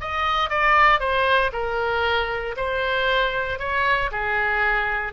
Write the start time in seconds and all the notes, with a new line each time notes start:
0.00 D#5
0.49 D5
1.00 C5
1.52 A#4
2.56 C5
3.59 C#5
4.11 G#4